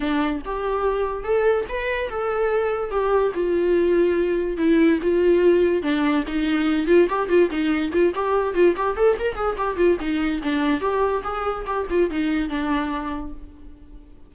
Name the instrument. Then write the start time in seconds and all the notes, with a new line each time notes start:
viola
0.00 D4
0.45 G4
1.23 A4
1.68 B4
2.09 A4
2.90 G4
3.34 F4
4.57 E4
5.02 F4
5.82 D4
6.27 D#4
6.87 F4
7.09 G4
7.28 F4
7.50 D#4
7.92 F4
8.14 G4
8.54 F4
8.76 G4
8.96 A4
9.19 A#4
9.35 G#4
9.57 G4
9.77 F4
10.00 D#4
10.42 D4
10.80 G4
11.23 G#4
11.66 G4
11.89 F4
12.10 D#4
12.49 D4